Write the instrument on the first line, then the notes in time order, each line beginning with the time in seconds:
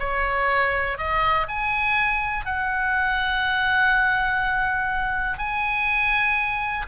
oboe
0.00 C#5
0.98 D#5
1.48 G#5
2.46 F#5
5.39 G#5